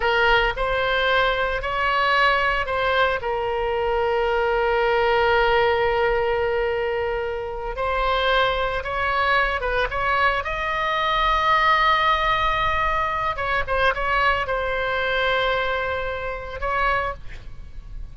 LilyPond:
\new Staff \with { instrumentName = "oboe" } { \time 4/4 \tempo 4 = 112 ais'4 c''2 cis''4~ | cis''4 c''4 ais'2~ | ais'1~ | ais'2~ ais'8 c''4.~ |
c''8 cis''4. b'8 cis''4 dis''8~ | dis''1~ | dis''4 cis''8 c''8 cis''4 c''4~ | c''2. cis''4 | }